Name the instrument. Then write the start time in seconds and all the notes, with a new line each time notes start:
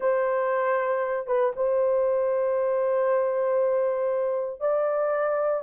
horn
0.00 C5
1.27 B4
1.56 C5
4.60 D5